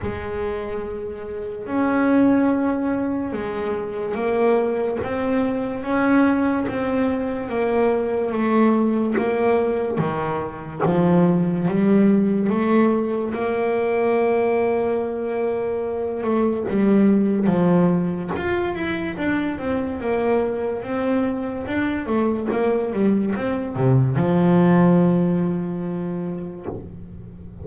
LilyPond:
\new Staff \with { instrumentName = "double bass" } { \time 4/4 \tempo 4 = 72 gis2 cis'2 | gis4 ais4 c'4 cis'4 | c'4 ais4 a4 ais4 | dis4 f4 g4 a4 |
ais2.~ ais8 a8 | g4 f4 f'8 e'8 d'8 c'8 | ais4 c'4 d'8 a8 ais8 g8 | c'8 c8 f2. | }